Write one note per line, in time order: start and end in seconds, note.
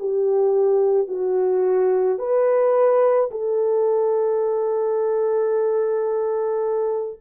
0.00 1.09 G4
1.09 2.19 F#4
2.19 3.30 B4
3.31 7.20 A4